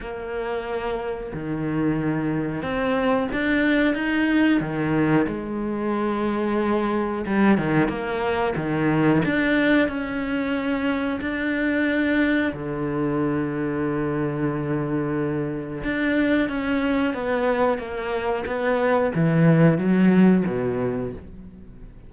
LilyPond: \new Staff \with { instrumentName = "cello" } { \time 4/4 \tempo 4 = 91 ais2 dis2 | c'4 d'4 dis'4 dis4 | gis2. g8 dis8 | ais4 dis4 d'4 cis'4~ |
cis'4 d'2 d4~ | d1 | d'4 cis'4 b4 ais4 | b4 e4 fis4 b,4 | }